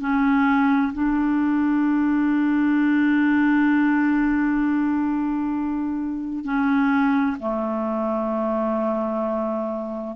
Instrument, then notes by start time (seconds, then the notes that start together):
clarinet
0.00 C#4
0.93 D4
6.44 C#4
7.40 A3